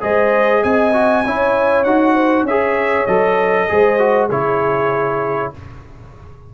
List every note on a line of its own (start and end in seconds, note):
0.00 0.63 G#3
0.00 0.92 G#4
0.00 0.63 C5
0.00 0.64 D#5
0.64 1.25 C4
0.64 1.25 D#5
0.64 1.84 G#5
0.93 1.24 F#4
1.25 1.85 C#4
1.25 1.86 E4
1.25 2.14 C#5
1.84 2.43 D#4
1.84 2.48 F#4
1.84 2.45 F#5
2.14 2.45 C5
2.43 3.04 C#4
2.43 3.68 C#5
2.43 3.06 E5
2.50 3.08 G#4
3.06 3.69 F#3
3.06 3.69 A4
3.06 4.28 D#5
3.69 4.31 G#3
3.69 3.99 G#4
3.69 4.29 C5
3.99 4.29 F#4
4.29 5.53 C#3
4.29 5.54 E4
4.29 5.52 G#4
4.29 5.53 C#5